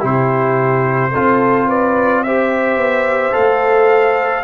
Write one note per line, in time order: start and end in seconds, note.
0.00 1.15 C3
0.00 1.11 E4
0.00 1.11 G4
0.00 1.70 C5
1.13 2.77 C4
1.13 2.26 F4
1.13 1.68 A4
1.68 2.23 B4
1.68 2.23 D5
2.23 3.32 G4
2.23 4.45 C5
2.23 3.34 E5
2.77 3.33 B3
3.32 4.45 A3
3.32 4.44 A4
3.32 4.45 F5